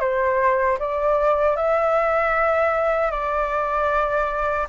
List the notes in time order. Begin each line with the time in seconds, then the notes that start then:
0.00 C5
0.79 D5
1.56 E5
3.11 D5